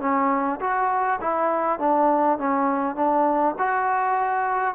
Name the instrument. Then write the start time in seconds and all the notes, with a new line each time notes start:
trombone
0.00 C#4
0.60 F#4
1.21 E4
1.79 D4
2.38 C#4
2.96 D4
3.58 F#4